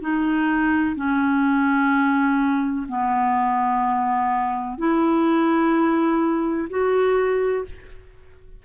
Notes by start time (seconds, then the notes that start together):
0.00 D#4
0.96 C#4
2.88 B3
4.77 E4
6.69 F#4